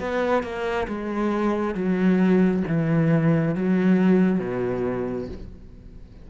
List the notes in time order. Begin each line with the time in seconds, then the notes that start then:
0.00 B3
0.43 A#3
0.88 G#3
1.75 F#3
2.68 E3
3.55 F#3
4.40 B2